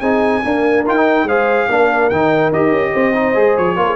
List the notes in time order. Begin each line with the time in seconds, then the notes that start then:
0.00 C4 D#4 G#4 G#5
0.43 A#3 D4 A#4
0.86 D#4 F4 G5
0.96 D#4
1.23 G#3 G#4 C5 F5
1.69 A#3 D4 A#4
2.09 D#3 D#4 G5
2.52 D#4 G4 D#5
2.71 C#4
2.92 C4 C5
3.13 D#4
3.34 G#3 G#4
3.57 F3 C#5
3.76 A#3 F4 A#4
3.86 G#4